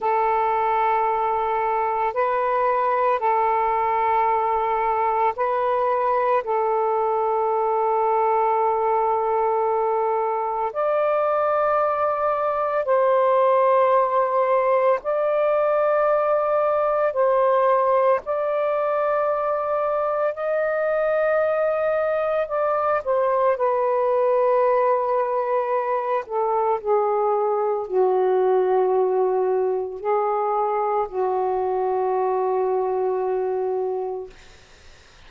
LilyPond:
\new Staff \with { instrumentName = "saxophone" } { \time 4/4 \tempo 4 = 56 a'2 b'4 a'4~ | a'4 b'4 a'2~ | a'2 d''2 | c''2 d''2 |
c''4 d''2 dis''4~ | dis''4 d''8 c''8 b'2~ | b'8 a'8 gis'4 fis'2 | gis'4 fis'2. | }